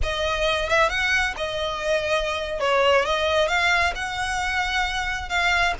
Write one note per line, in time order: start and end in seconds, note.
0.02 0.69 D#5
0.69 0.89 E5
0.89 1.34 F#5
1.37 2.59 D#5
2.59 3.05 C#5
3.05 3.48 D#5
3.48 3.93 F5
3.95 5.29 F#5
5.29 5.74 F5